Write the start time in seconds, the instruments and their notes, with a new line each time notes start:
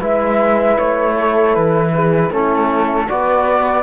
0.00 cello G#3, trombone E4, horn B4, flute E5
0.79 cello A3, flute C#5
1.16 horn A4
1.55 cello E3, flute B4
1.95 horn G#4
2.31 cello A3, trombone C#4, horn E4, flute A4
3.08 cello B3, trombone F#4, horn B4, flute D5